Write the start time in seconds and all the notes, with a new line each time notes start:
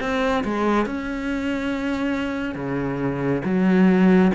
0.00 C4
0.44 G#3
0.85 C#4
2.55 C#3
3.44 F#3